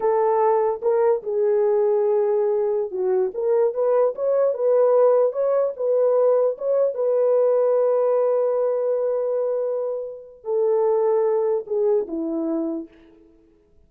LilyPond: \new Staff \with { instrumentName = "horn" } { \time 4/4 \tempo 4 = 149 a'2 ais'4 gis'4~ | gis'2.~ gis'16 fis'8.~ | fis'16 ais'4 b'4 cis''4 b'8.~ | b'4~ b'16 cis''4 b'4.~ b'16~ |
b'16 cis''4 b'2~ b'8.~ | b'1~ | b'2 a'2~ | a'4 gis'4 e'2 | }